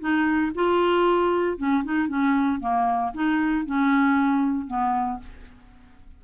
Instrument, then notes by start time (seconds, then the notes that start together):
clarinet
0.00 D#4
0.55 F4
1.58 C#4
1.84 D#4
2.08 C#4
2.60 A#3
3.14 D#4
3.66 C#4
4.67 B3